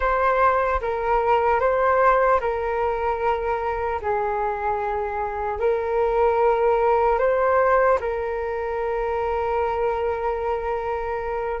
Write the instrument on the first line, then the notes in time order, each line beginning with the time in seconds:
flute
0.00 C5
0.81 A#4
1.60 C5
2.40 A#4
4.01 G#4
5.59 A#4
7.19 C5
8.00 A#4